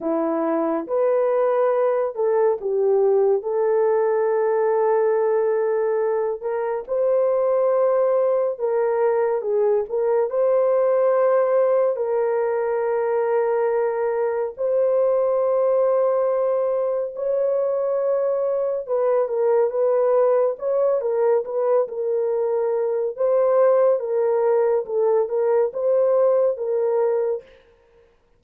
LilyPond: \new Staff \with { instrumentName = "horn" } { \time 4/4 \tempo 4 = 70 e'4 b'4. a'8 g'4 | a'2.~ a'8 ais'8 | c''2 ais'4 gis'8 ais'8 | c''2 ais'2~ |
ais'4 c''2. | cis''2 b'8 ais'8 b'4 | cis''8 ais'8 b'8 ais'4. c''4 | ais'4 a'8 ais'8 c''4 ais'4 | }